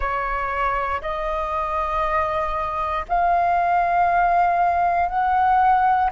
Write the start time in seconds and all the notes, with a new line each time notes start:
0.00 C#5
1.01 D#5
3.08 F5
5.08 F#5